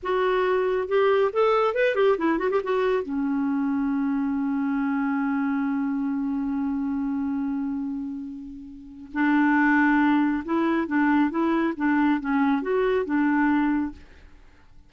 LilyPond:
\new Staff \with { instrumentName = "clarinet" } { \time 4/4 \tempo 4 = 138 fis'2 g'4 a'4 | b'8 g'8 e'8 fis'16 g'16 fis'4 cis'4~ | cis'1~ | cis'1~ |
cis'1~ | cis'4 d'2. | e'4 d'4 e'4 d'4 | cis'4 fis'4 d'2 | }